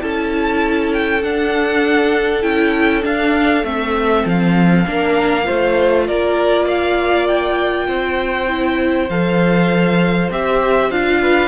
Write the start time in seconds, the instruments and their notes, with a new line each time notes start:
0.00 cello C#4, viola E4, violin A4 A5
0.93 violin G5
1.22 viola D4, cello D4, violin F#5
2.42 cello C#4, viola E4, violin G5
3.02 viola D4, cello D4, violin F5
3.63 cello A3, viola C4, violin E5
4.25 cello F3, violin F5
4.86 cello A#3, viola D4, violin A#4
5.43 cello A3, viola F4, violin C5
6.07 cello A#3, violin A#4 D5
6.65 violin D5 F5
7.27 violin G5
7.87 cello C4, violin C5
8.47 viola E4
9.09 cello F3, viola A4, violin F5
10.29 cello C4, viola G4, violin E5
10.90 cello D4, viola F4, violin F5
11.21 violin B4